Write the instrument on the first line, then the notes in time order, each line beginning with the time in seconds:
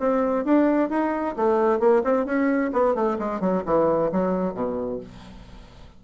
bassoon
0.00 C4
0.45 D4
0.90 D#4
1.37 A3
1.80 A#3
2.04 C4
2.26 C#4
2.73 B3
2.95 A3
3.19 G#3
3.41 F#3
3.66 E3
4.12 F#3
4.55 B2